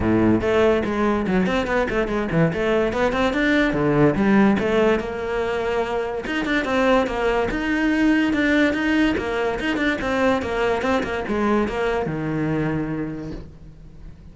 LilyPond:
\new Staff \with { instrumentName = "cello" } { \time 4/4 \tempo 4 = 144 a,4 a4 gis4 fis8 c'8 | b8 a8 gis8 e8 a4 b8 c'8 | d'4 d4 g4 a4 | ais2. dis'8 d'8 |
c'4 ais4 dis'2 | d'4 dis'4 ais4 dis'8 d'8 | c'4 ais4 c'8 ais8 gis4 | ais4 dis2. | }